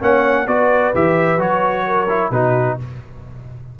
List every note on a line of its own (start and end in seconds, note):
0.00 0.47 A#3
0.00 0.47 C#4
0.00 0.46 C#5
0.00 0.48 F#5
0.47 0.93 B3
0.47 0.94 F#4
0.47 1.87 B4
0.47 0.94 D5
0.95 1.38 E3
0.95 1.38 G4
0.95 1.41 E5
1.38 2.31 F#3
1.38 2.08 F#4
1.38 2.32 C#5
1.87 2.32 A#4
2.09 2.32 E4
2.31 2.77 B2
2.31 2.79 D#4
2.31 2.78 F#4
2.31 2.78 B4